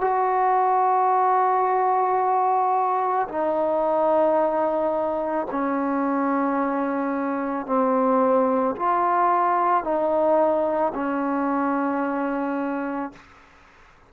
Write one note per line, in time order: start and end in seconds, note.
0.00 3.27 F#4
3.28 5.46 D#4
5.51 7.66 C#4
7.66 8.75 C4
8.76 9.83 F4
9.83 10.92 D#4
10.94 13.12 C#4